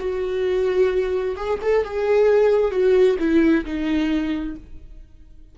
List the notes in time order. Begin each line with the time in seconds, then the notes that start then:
0.00 F#4
1.37 G#4
1.62 A4
1.85 G#4
2.72 F#4
3.19 E4
3.65 D#4